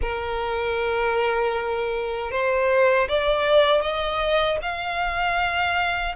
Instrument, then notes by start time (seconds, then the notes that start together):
violin
0.01 A#4
2.31 C5
3.08 D5
3.81 D#5
4.62 F5